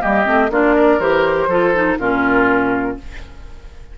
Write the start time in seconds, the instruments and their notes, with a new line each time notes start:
0.00 bassoon G3, clarinet A#3, oboe G4, flute D#5
0.25 bassoon A3, clarinet C4
0.50 bassoon A#3, clarinet D4, oboe F4, flute D5
0.76 oboe A#4
0.99 bassoon E3, clarinet G4, flute C5
1.48 bassoon F3, clarinet F4, oboe A4
1.75 clarinet D#4
1.99 bassoon A#2, clarinet C#4, oboe F4, flute A#4